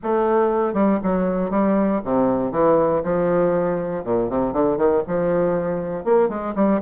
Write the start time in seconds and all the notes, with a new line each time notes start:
0.03 A3
0.73 G3
1.03 F#3
1.50 G3
2.04 C3
2.51 E3
3.03 F3
4.04 A#2
4.29 C3
4.52 D3
4.77 D#3
5.07 F3
6.04 A#3
6.29 G#3
6.55 G3